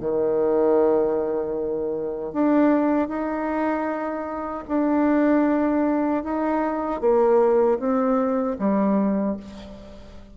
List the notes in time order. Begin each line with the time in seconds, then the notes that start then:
0.00 D#3
2.32 D4
3.08 D#4
4.68 D4
6.23 D#4
7.00 A#3
7.79 C4
8.59 G3